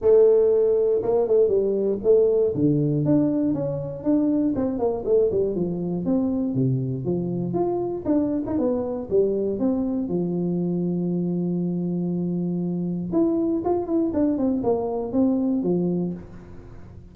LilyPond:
\new Staff \with { instrumentName = "tuba" } { \time 4/4 \tempo 4 = 119 a2 ais8 a8 g4 | a4 d4 d'4 cis'4 | d'4 c'8 ais8 a8 g8 f4 | c'4 c4 f4 f'4 |
d'8. dis'16 b4 g4 c'4 | f1~ | f2 e'4 f'8 e'8 | d'8 c'8 ais4 c'4 f4 | }